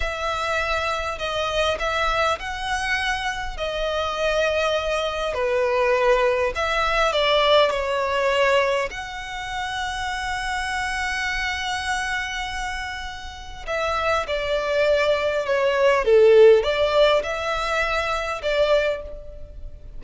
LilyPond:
\new Staff \with { instrumentName = "violin" } { \time 4/4 \tempo 4 = 101 e''2 dis''4 e''4 | fis''2 dis''2~ | dis''4 b'2 e''4 | d''4 cis''2 fis''4~ |
fis''1~ | fis''2. e''4 | d''2 cis''4 a'4 | d''4 e''2 d''4 | }